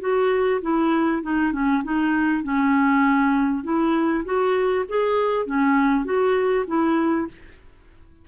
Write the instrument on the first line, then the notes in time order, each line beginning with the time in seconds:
clarinet
0.00 F#4
0.61 E4
1.22 D#4
1.52 C#4
1.83 D#4
2.43 C#4
3.63 E4
4.25 F#4
4.88 G#4
5.46 C#4
6.04 F#4
6.67 E4